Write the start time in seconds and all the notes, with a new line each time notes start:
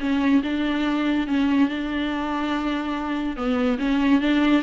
0.00 C#4
0.43 D4
1.27 C#4
1.69 D4
3.36 B3
3.79 C#4
4.21 D4